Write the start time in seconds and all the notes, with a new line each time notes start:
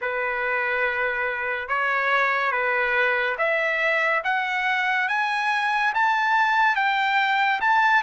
0.01 B4
1.68 C#5
2.51 B4
3.38 E5
4.23 F#5
5.08 G#5
5.94 A5
6.75 G5
7.60 A5